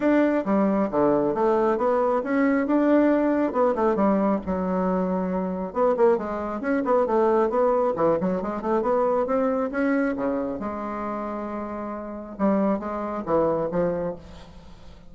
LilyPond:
\new Staff \with { instrumentName = "bassoon" } { \time 4/4 \tempo 4 = 136 d'4 g4 d4 a4 | b4 cis'4 d'2 | b8 a8 g4 fis2~ | fis4 b8 ais8 gis4 cis'8 b8 |
a4 b4 e8 fis8 gis8 a8 | b4 c'4 cis'4 cis4 | gis1 | g4 gis4 e4 f4 | }